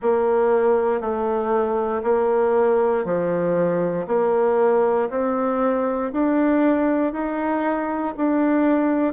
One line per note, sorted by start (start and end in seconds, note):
0.02 1.00 A#3
1.00 2.02 A3
2.03 3.05 A#3
3.05 4.06 F3
4.07 5.08 A#3
5.09 6.11 C4
6.12 7.12 D4
7.12 8.14 D#4
8.16 9.13 D4